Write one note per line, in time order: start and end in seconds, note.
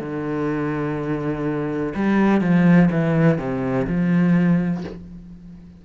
0.00 1.94 D3
1.95 2.41 G3
2.41 2.89 F3
2.91 3.38 E3
3.38 3.87 C3
3.87 4.84 F3